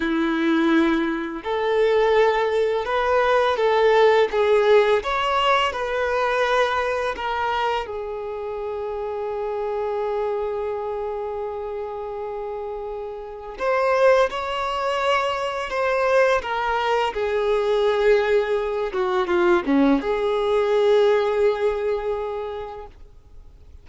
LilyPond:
\new Staff \with { instrumentName = "violin" } { \time 4/4 \tempo 4 = 84 e'2 a'2 | b'4 a'4 gis'4 cis''4 | b'2 ais'4 gis'4~ | gis'1~ |
gis'2. c''4 | cis''2 c''4 ais'4 | gis'2~ gis'8 fis'8 f'8 cis'8 | gis'1 | }